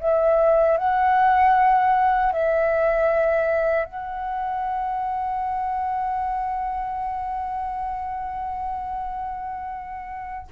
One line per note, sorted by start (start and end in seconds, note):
0.00 0.78 E5
0.78 2.33 F#5
2.33 3.85 E5
3.85 10.48 F#5